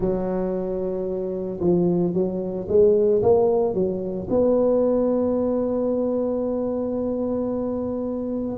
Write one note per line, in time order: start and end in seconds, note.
0.00 1.59 F#3
1.60 2.13 F3
2.13 2.67 F#3
2.68 3.21 G#3
3.22 3.74 A#3
3.74 4.27 F#3
4.29 8.57 B3